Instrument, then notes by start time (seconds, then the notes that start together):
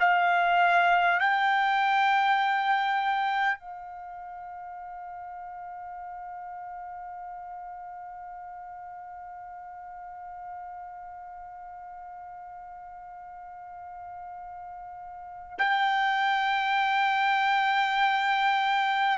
trumpet
0.00 F5
1.20 G5
3.59 F5
15.58 G5